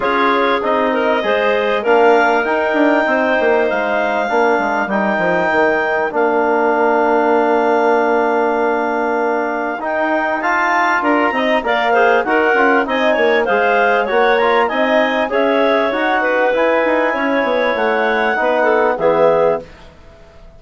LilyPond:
<<
  \new Staff \with { instrumentName = "clarinet" } { \time 4/4 \tempo 4 = 98 cis''4 dis''2 f''4 | g''2 f''2 | g''2 f''2~ | f''1 |
g''4 a''4 ais''4 f''4 | fis''4 gis''4 f''4 fis''8 ais''8 | gis''4 e''4 fis''4 gis''4~ | gis''4 fis''2 e''4 | }
  \new Staff \with { instrumentName = "clarinet" } { \time 4/4 gis'4. ais'8 c''4 ais'4~ | ais'4 c''2 ais'4~ | ais'1~ | ais'1~ |
ais'4 f''4 ais'8 dis''8 d''8 c''8 | ais'4 dis''8 cis''8 c''4 cis''4 | dis''4 cis''4. b'4. | cis''2 b'8 a'8 gis'4 | }
  \new Staff \with { instrumentName = "trombone" } { \time 4/4 f'4 dis'4 gis'4 d'4 | dis'2. d'4 | dis'2 d'2~ | d'1 |
dis'4 f'4. dis'8 ais'8 gis'8 | fis'8 f'8 dis'4 gis'4 fis'8 f'8 | dis'4 gis'4 fis'4 e'4~ | e'2 dis'4 b4 | }
  \new Staff \with { instrumentName = "bassoon" } { \time 4/4 cis'4 c'4 gis4 ais4 | dis'8 d'8 c'8 ais8 gis4 ais8 gis8 | g8 f8 dis4 ais2~ | ais1 |
dis'2 d'8 c'8 ais4 | dis'8 cis'8 c'8 ais8 gis4 ais4 | c'4 cis'4 dis'4 e'8 dis'8 | cis'8 b8 a4 b4 e4 | }
>>